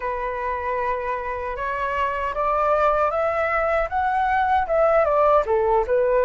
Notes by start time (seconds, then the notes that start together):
0.00 B4
1.56 C#5
2.34 D5
3.10 E5
3.89 F#5
4.67 E5
5.04 D5
5.45 A4
5.87 B4